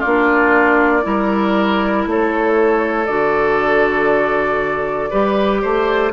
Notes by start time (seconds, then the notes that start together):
0.00 A#3 D4 F4 D5
1.03 G3 E4 A#4
2.07 A3 A4 C#5
3.06 D3 F#4 D5
5.11 G3 G4 B4
5.62 A3 C5